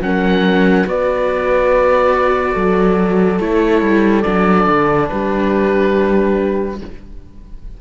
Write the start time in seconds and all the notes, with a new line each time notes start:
0.00 F#3 C#4 A#4 F#5
0.85 B3 F#4 B4 D5
2.53 F#3 A4
3.39 A3 E4 C#5
3.82 G3
4.22 F#3 D4 D5
4.67 D3
5.09 G3 G4 B4